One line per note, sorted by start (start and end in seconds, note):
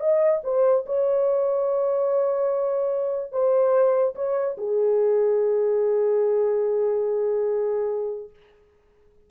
0.00 0.41 D#5
0.43 0.85 C5
0.86 3.32 C#5
3.32 4.15 C5
4.15 4.56 C#5
4.57 8.30 G#4